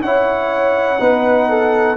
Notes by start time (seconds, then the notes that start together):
0.00 C#4 E4 C#5 F#5
0.99 B3 D#4 B4
1.50 A4